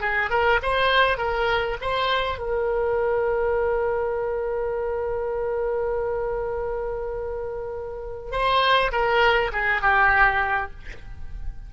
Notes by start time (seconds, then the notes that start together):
0.00 G#4
0.30 A#4
0.62 C5
1.17 A#4
1.81 C5
2.38 A#4
8.31 C5
8.92 A#4
9.52 G#4
9.82 G4